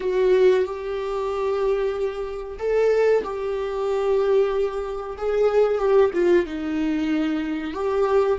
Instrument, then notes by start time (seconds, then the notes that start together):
viola
0.00 F#4
0.65 G4
2.58 A4
3.23 G4
5.17 G#4
5.78 G4
6.13 F4
6.46 D#4
7.73 G4